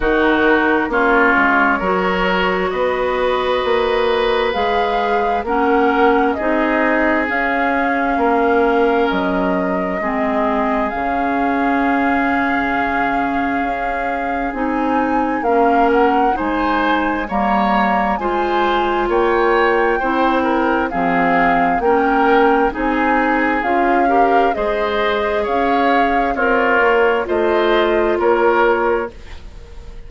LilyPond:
<<
  \new Staff \with { instrumentName = "flute" } { \time 4/4 \tempo 4 = 66 ais'4 cis''2 dis''4~ | dis''4 f''4 fis''4 dis''4 | f''2 dis''2 | f''1 |
gis''4 f''8 fis''8 gis''4 ais''4 | gis''4 g''2 f''4 | g''4 gis''4 f''4 dis''4 | f''4 cis''4 dis''4 cis''4 | }
  \new Staff \with { instrumentName = "oboe" } { \time 4/4 fis'4 f'4 ais'4 b'4~ | b'2 ais'4 gis'4~ | gis'4 ais'2 gis'4~ | gis'1~ |
gis'4 ais'4 c''4 cis''4 | c''4 cis''4 c''8 ais'8 gis'4 | ais'4 gis'4. ais'8 c''4 | cis''4 f'4 c''4 ais'4 | }
  \new Staff \with { instrumentName = "clarinet" } { \time 4/4 dis'4 cis'4 fis'2~ | fis'4 gis'4 cis'4 dis'4 | cis'2. c'4 | cis'1 |
dis'4 cis'4 dis'4 ais4 | f'2 e'4 c'4 | cis'4 dis'4 f'8 g'8 gis'4~ | gis'4 ais'4 f'2 | }
  \new Staff \with { instrumentName = "bassoon" } { \time 4/4 dis4 ais8 gis8 fis4 b4 | ais4 gis4 ais4 c'4 | cis'4 ais4 fis4 gis4 | cis2. cis'4 |
c'4 ais4 gis4 g4 | gis4 ais4 c'4 f4 | ais4 c'4 cis'4 gis4 | cis'4 c'8 ais8 a4 ais4 | }
>>